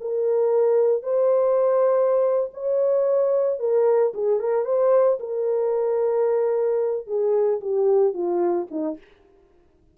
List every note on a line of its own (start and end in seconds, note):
0.00 1.03 A#4
1.03 2.50 C5
2.53 3.59 C#5
3.59 4.12 A#4
4.14 4.39 G#4
4.39 4.65 A#4
4.65 5.18 C5
5.19 7.06 A#4
7.06 7.60 G#4
7.61 8.13 G4
8.13 8.67 F4
8.71 8.97 D#4